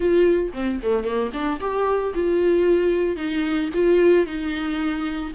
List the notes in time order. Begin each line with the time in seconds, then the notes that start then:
0.00 F4
0.53 C4
0.82 A3
1.04 A#3
1.33 D4
1.60 G4
2.14 F4
3.16 D#4
3.73 F4
4.26 D#4